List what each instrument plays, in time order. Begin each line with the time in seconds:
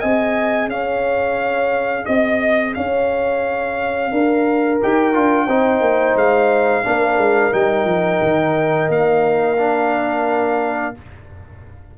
0.00 tuba C4, trombone G#4, horn D#5, trumpet G#5
0.67 tuba C#4, horn C#5, trumpet F5
2.05 tuba C4, horn D#5, trumpet D#5
2.74 tuba C#4, horn C#5, trumpet F5
4.11 tuba D4, horn A#4
4.81 tuba D#4, trombone G4, trumpet G5
5.13 tuba D4, trombone F4
5.46 tuba C4, trombone D#4, horn C5
5.80 tuba A#3
6.14 tuba G#3, trumpet F5
6.84 tuba A#3, trombone D4, horn A#4
7.17 tuba G#3
7.52 tuba G3, trombone D#4, trumpet G5
7.85 tuba F3
8.21 tuba D#3
8.88 tuba A#3, trumpet F5
9.57 trombone D4